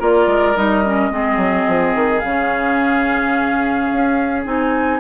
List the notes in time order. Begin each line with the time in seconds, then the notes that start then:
0.00 A#3 F4 A#4 D5
0.27 G#3
0.56 G3 D#4 D#5
0.86 C#4
1.11 G#3 C4 G#4
1.37 F#3
1.68 F3
1.95 D#3
2.20 C#3 C#4 F5
3.93 C#4
4.46 C4 D#4 G#5